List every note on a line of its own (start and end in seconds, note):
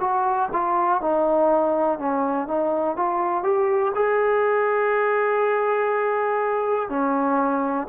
0.00 0.49 F#4
0.52 1.01 F4
1.01 1.99 D#4
1.99 2.47 C#4
2.47 2.96 D#4
2.96 3.43 F4
3.43 3.92 G4
3.94 6.89 G#4
6.89 7.87 C#4